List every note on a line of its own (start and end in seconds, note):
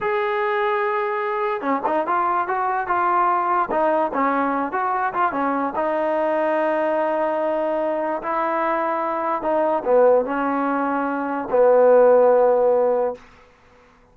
0.00 1.61 G#4
1.61 1.81 C#4
1.86 2.06 D#4
2.06 2.47 F4
2.47 2.87 F#4
2.87 3.69 F4
3.70 4.11 D#4
4.13 4.72 C#4
4.72 5.13 F#4
5.13 5.31 F4
5.31 5.73 C#4
5.75 8.22 D#4
8.22 9.42 E4
9.42 9.83 D#4
9.85 10.25 B3
10.25 11.48 C#4
11.50 13.15 B3